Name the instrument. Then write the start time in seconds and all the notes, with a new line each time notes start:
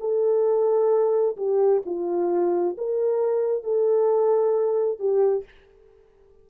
horn
0.00 A4
1.37 G4
1.86 F4
2.77 A#4
3.64 A4
4.99 G4